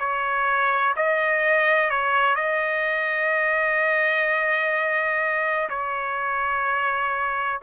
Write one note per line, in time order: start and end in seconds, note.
0.00 0.95 C#5
0.97 1.90 D#5
1.90 2.36 C#5
2.36 5.69 D#5
5.70 7.60 C#5